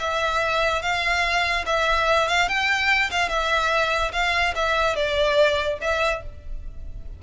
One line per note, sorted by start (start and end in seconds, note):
0.00 0.82 E5
0.82 1.65 F5
1.66 2.28 E5
2.28 2.48 F5
2.48 3.11 G5
3.11 3.29 F5
3.29 4.12 E5
4.13 4.54 F5
4.55 4.96 E5
4.96 5.78 D5
5.81 6.23 E5